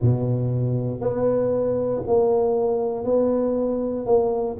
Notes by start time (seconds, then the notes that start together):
0.01 B2
1.00 B3
2.07 A#3
3.04 B3
4.06 A#3